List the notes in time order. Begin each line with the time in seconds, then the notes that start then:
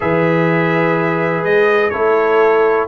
0.00 E3 G#4 B4 E5
1.43 G#3 D#5
1.89 A3 E4 A4 C#5